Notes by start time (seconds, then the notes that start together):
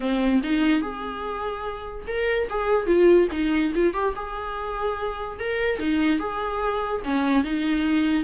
0.00 C4
0.43 D#4
0.81 G#4
2.07 A#4
2.49 G#4
2.86 F4
3.31 D#4
3.74 F4
3.93 G4
4.15 G#4
5.39 A#4
5.79 D#4
6.19 G#4
7.04 C#4
7.44 D#4